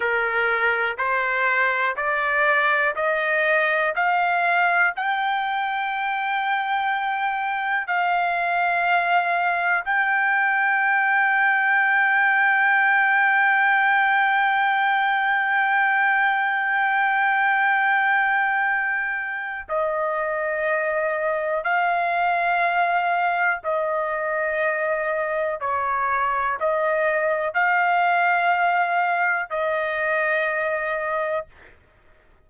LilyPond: \new Staff \with { instrumentName = "trumpet" } { \time 4/4 \tempo 4 = 61 ais'4 c''4 d''4 dis''4 | f''4 g''2. | f''2 g''2~ | g''1~ |
g''1 | dis''2 f''2 | dis''2 cis''4 dis''4 | f''2 dis''2 | }